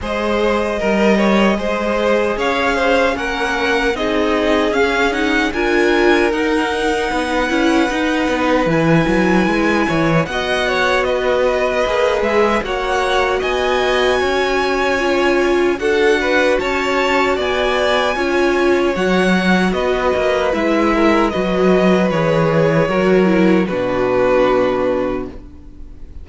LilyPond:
<<
  \new Staff \with { instrumentName = "violin" } { \time 4/4 \tempo 4 = 76 dis''2. f''4 | fis''4 dis''4 f''8 fis''8 gis''4 | fis''2. gis''4~ | gis''4 fis''4 dis''4. e''8 |
fis''4 gis''2. | fis''4 a''4 gis''2 | fis''4 dis''4 e''4 dis''4 | cis''2 b'2 | }
  \new Staff \with { instrumentName = "violin" } { \time 4/4 c''4 ais'8 cis''8 c''4 cis''8 c''8 | ais'4 gis'2 ais'4~ | ais'4 b'2.~ | b'8 cis''8 dis''8 cis''8 b'2 |
cis''4 dis''4 cis''2 | a'8 b'8 cis''4 d''4 cis''4~ | cis''4 b'4. ais'8 b'4~ | b'4 ais'4 fis'2 | }
  \new Staff \with { instrumentName = "viola" } { \time 4/4 gis'4 ais'4 gis'2 | cis'4 dis'4 cis'8 dis'8 f'4 | dis'4. e'8 dis'4 e'4~ | e'4 fis'2 gis'4 |
fis'2. f'4 | fis'2. f'4 | fis'2 e'4 fis'4 | gis'4 fis'8 e'8 d'2 | }
  \new Staff \with { instrumentName = "cello" } { \time 4/4 gis4 g4 gis4 cis'4 | ais4 c'4 cis'4 d'4 | dis'4 b8 cis'8 dis'8 b8 e8 fis8 | gis8 e8 b2 ais8 gis8 |
ais4 b4 cis'2 | d'4 cis'4 b4 cis'4 | fis4 b8 ais8 gis4 fis4 | e4 fis4 b,2 | }
>>